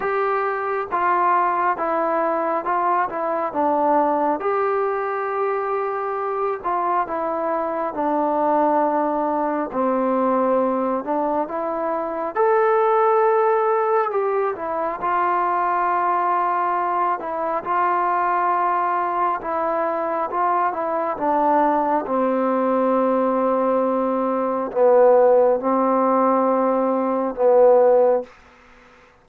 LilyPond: \new Staff \with { instrumentName = "trombone" } { \time 4/4 \tempo 4 = 68 g'4 f'4 e'4 f'8 e'8 | d'4 g'2~ g'8 f'8 | e'4 d'2 c'4~ | c'8 d'8 e'4 a'2 |
g'8 e'8 f'2~ f'8 e'8 | f'2 e'4 f'8 e'8 | d'4 c'2. | b4 c'2 b4 | }